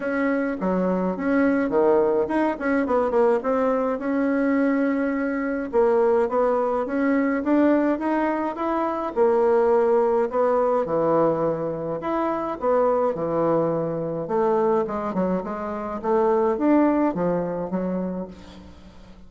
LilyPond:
\new Staff \with { instrumentName = "bassoon" } { \time 4/4 \tempo 4 = 105 cis'4 fis4 cis'4 dis4 | dis'8 cis'8 b8 ais8 c'4 cis'4~ | cis'2 ais4 b4 | cis'4 d'4 dis'4 e'4 |
ais2 b4 e4~ | e4 e'4 b4 e4~ | e4 a4 gis8 fis8 gis4 | a4 d'4 f4 fis4 | }